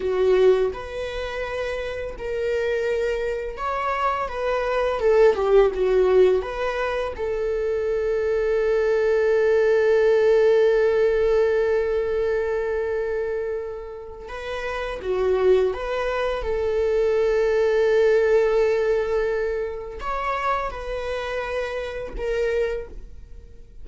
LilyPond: \new Staff \with { instrumentName = "viola" } { \time 4/4 \tempo 4 = 84 fis'4 b'2 ais'4~ | ais'4 cis''4 b'4 a'8 g'8 | fis'4 b'4 a'2~ | a'1~ |
a'1 | b'4 fis'4 b'4 a'4~ | a'1 | cis''4 b'2 ais'4 | }